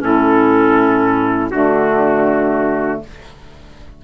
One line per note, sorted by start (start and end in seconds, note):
0.00 1.52 A2
0.00 1.50 C#4
0.00 1.51 E4
0.00 1.51 A4
1.51 3.02 D3
1.51 3.04 A3
1.51 3.02 D4
1.51 3.01 F#4